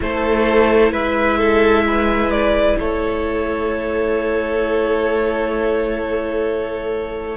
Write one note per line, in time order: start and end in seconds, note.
0.00 0.91 A3
0.00 7.37 E4
0.00 0.92 A4
0.00 0.92 C5
0.91 2.76 G#3
0.91 1.38 B4
0.91 2.30 E5
1.38 1.84 A4
1.86 2.78 B4
2.30 2.77 D5
2.79 7.37 A3
2.79 7.37 A4
2.79 7.37 C#5